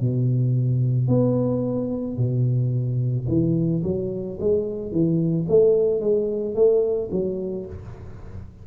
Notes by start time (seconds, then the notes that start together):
0.00 B2
1.08 B3
2.17 B2
3.28 E3
3.83 F#3
4.40 G#3
4.91 E3
5.48 A3
6.00 G#3
6.55 A3
7.11 F#3